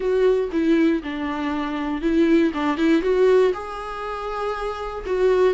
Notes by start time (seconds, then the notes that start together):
0.00 F#4
0.52 E4
1.03 D4
2.01 E4
2.54 D4
2.77 E4
3.01 F#4
3.53 G#4
5.06 F#4